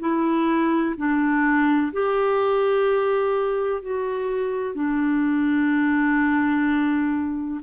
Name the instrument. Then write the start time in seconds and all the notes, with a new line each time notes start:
clarinet
0.00 E4
0.97 D4
1.93 G4
3.82 F#4
4.75 D4